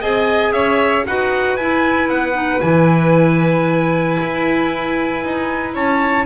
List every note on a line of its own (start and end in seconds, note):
0.00 0.52 C4
0.00 1.06 G#4
0.00 0.52 D#5
0.00 0.52 G#5
0.52 1.04 C#4
0.52 1.06 C#5
0.52 1.04 E5
1.06 1.57 D#4
1.06 1.59 F#4
1.06 5.74 B4
1.06 1.56 F#5
1.56 2.09 E4
1.56 2.33 E4
1.56 2.08 G#5
2.09 2.61 B3
2.09 2.61 F#5
2.33 2.59 D#4
2.61 4.19 E3
2.61 6.25 E4
2.61 5.74 G#5
4.22 5.24 E4
5.24 5.75 D#4
5.74 6.25 C#4
5.74 6.25 C#5
5.74 6.25 A5